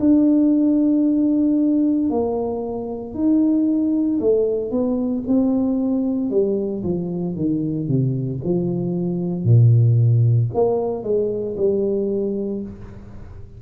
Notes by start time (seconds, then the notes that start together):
0.00 D4
2.10 A#3
3.14 D#4
4.20 A3
4.71 B3
5.27 C4
6.30 G3
6.83 F3
7.35 D#3
7.88 C3
8.44 F3
9.44 A#2
10.54 A#3
11.03 G#3
11.56 G3